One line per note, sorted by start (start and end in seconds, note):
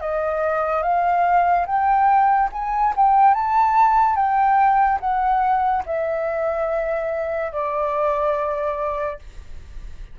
0.00 0.82 D#5
0.82 1.66 F5
1.66 2.49 G5
2.52 2.94 G#5
2.96 3.34 G5
3.34 4.16 A5
4.16 4.99 G5
5.00 5.83 F#5
5.86 7.52 E5
7.52 9.19 D5